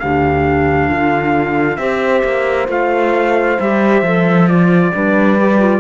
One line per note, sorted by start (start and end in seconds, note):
0.00 0.90 D2
0.00 1.79 D4
0.00 0.89 G4
0.00 1.77 F5
0.89 1.78 D3
0.89 1.79 F4
1.77 2.23 C4
1.77 2.68 G4
1.77 4.93 C5
1.77 2.66 E5
2.25 2.69 A#3
2.68 3.58 A3
2.68 3.57 F4
2.68 3.60 F5
3.60 4.02 G3
3.60 4.06 G4
3.60 4.49 E5
4.02 4.92 F3
4.02 4.49 A4
4.49 4.93 F4
4.49 5.81 D5
4.93 5.81 G3
4.93 5.37 D4
4.93 5.81 B4
5.39 5.60 G4
5.60 5.81 F4